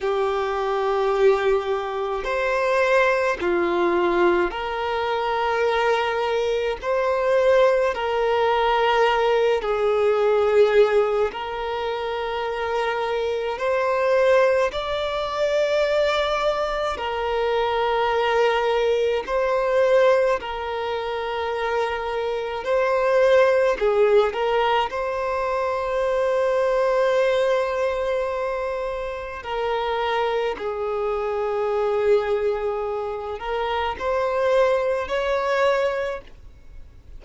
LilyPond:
\new Staff \with { instrumentName = "violin" } { \time 4/4 \tempo 4 = 53 g'2 c''4 f'4 | ais'2 c''4 ais'4~ | ais'8 gis'4. ais'2 | c''4 d''2 ais'4~ |
ais'4 c''4 ais'2 | c''4 gis'8 ais'8 c''2~ | c''2 ais'4 gis'4~ | gis'4. ais'8 c''4 cis''4 | }